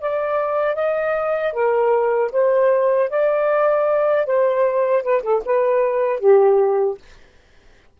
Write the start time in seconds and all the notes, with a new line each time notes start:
0.00 D5
0.75 D#5
1.53 A#4
2.31 C5
3.09 D5
4.26 C5
5.02 B4
5.22 A4
5.45 B4
6.19 G4